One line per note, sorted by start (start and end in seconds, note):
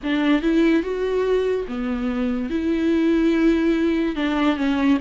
0.03 0.42 D4
0.42 0.83 E4
0.83 1.66 F#4
1.67 2.50 B3
2.50 4.15 E4
4.15 4.56 D4
4.56 4.98 C#4